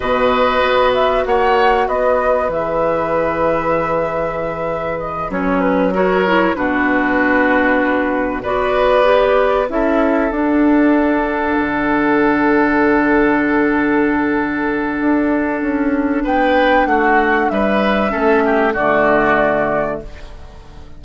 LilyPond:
<<
  \new Staff \with { instrumentName = "flute" } { \time 4/4 \tempo 4 = 96 dis''4. e''8 fis''4 dis''4 | e''1 | dis''8 cis''8 b'8 cis''4 b'4.~ | b'4. d''2 e''8~ |
e''8 fis''2.~ fis''8~ | fis''1~ | fis''2 g''4 fis''4 | e''2 d''2 | }
  \new Staff \with { instrumentName = "oboe" } { \time 4/4 b'2 cis''4 b'4~ | b'1~ | b'4. ais'4 fis'4.~ | fis'4. b'2 a'8~ |
a'1~ | a'1~ | a'2 b'4 fis'4 | b'4 a'8 g'8 fis'2 | }
  \new Staff \with { instrumentName = "clarinet" } { \time 4/4 fis'1 | gis'1~ | gis'8 cis'4 fis'8 e'8 d'4.~ | d'4. fis'4 g'4 e'8~ |
e'8 d'2.~ d'8~ | d'1~ | d'1~ | d'4 cis'4 a2 | }
  \new Staff \with { instrumentName = "bassoon" } { \time 4/4 b,4 b4 ais4 b4 | e1~ | e8 fis2 b,4.~ | b,4. b2 cis'8~ |
cis'8 d'2 d4.~ | d1 | d'4 cis'4 b4 a4 | g4 a4 d2 | }
>>